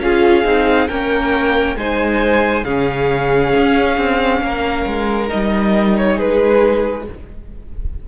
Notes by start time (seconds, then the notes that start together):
0.00 C#4 F4 G#4 F5
0.44 C4 D#4
0.88 A#3 C#4 A#4 G5
1.76 G#3 D#4 C5 G#5
2.65 C#3 C#4 G#4 F5
3.57 C#4
3.97 C4
4.42 A#3 A#4
4.87 G#3
5.28 D#4 D#5
5.34 G3
5.98 C#5
6.15 G#3 G#4 B4